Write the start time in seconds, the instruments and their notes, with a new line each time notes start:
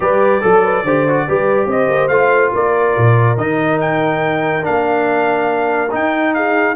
0.00 tuba G3, trombone G4, horn B4, trumpet D5
0.41 tuba F#3, trombone A4, horn A4
0.63 horn B4
0.84 tuba D3, trombone G4, horn C5
1.08 trombone F#4
1.27 tuba G3, trombone G4, horn B4
1.66 tuba C4, horn C5, trumpet D#5
1.89 tuba A#3
2.08 tuba A3, trombone F4, trumpet F5
2.53 tuba A#3, horn A#4, trumpet D5
2.97 tuba A#2
3.37 tuba D#3, trombone D#4, trumpet D#5
3.80 trumpet G5
4.62 trombone D4, trumpet F5
4.68 tuba A#3
5.91 trombone D#4, tuba D#4, trumpet G5
6.34 horn G#4, trumpet F5